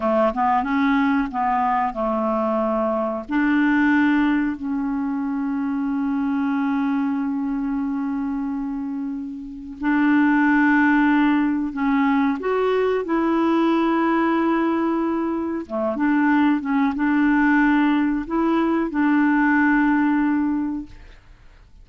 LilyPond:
\new Staff \with { instrumentName = "clarinet" } { \time 4/4 \tempo 4 = 92 a8 b8 cis'4 b4 a4~ | a4 d'2 cis'4~ | cis'1~ | cis'2. d'4~ |
d'2 cis'4 fis'4 | e'1 | a8 d'4 cis'8 d'2 | e'4 d'2. | }